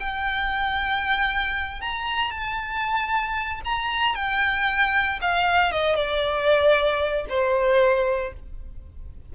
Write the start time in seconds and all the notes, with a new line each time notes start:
0.00 G5
1.81 A#5
2.31 A5
3.65 A#5
4.15 G5
5.22 F5
5.72 D#5
5.95 D5
7.29 C5